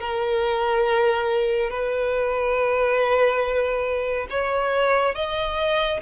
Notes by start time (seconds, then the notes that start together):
0.00 A#4
1.70 B4
4.30 C#5
5.15 D#5